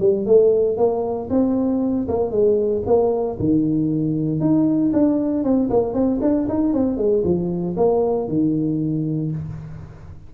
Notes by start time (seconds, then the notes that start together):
0.00 G3
0.26 A3
0.77 A#3
1.30 C4
2.08 A#3
2.31 G#3
2.86 A#3
3.39 D#3
4.40 D#4
4.93 D4
5.44 C4
5.70 A#3
5.94 C4
6.22 D4
6.48 D#4
6.73 C4
6.97 G#3
7.24 F3
7.77 A#3
8.28 D#3